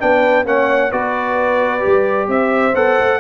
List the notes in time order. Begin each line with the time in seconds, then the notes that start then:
0.00 B3 D4 B4 G5
0.45 A#3 C#4 C#5 F#5
0.91 B3 F#4 B4 D5
1.80 G4
1.86 G3
2.28 C4 C5 E5
2.75 B3 A4 F#5
3.00 A3